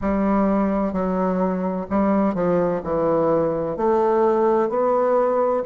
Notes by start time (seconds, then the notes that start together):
0.01 G3
0.92 F#3
1.90 G3
2.34 F3
2.83 E3
3.77 A3
4.69 B3